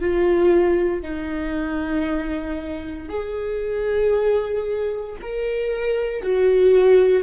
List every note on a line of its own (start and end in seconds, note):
0.00 1.02 F4
1.02 3.08 D#4
3.08 5.15 G#4
5.21 6.22 A#4
6.22 7.23 F#4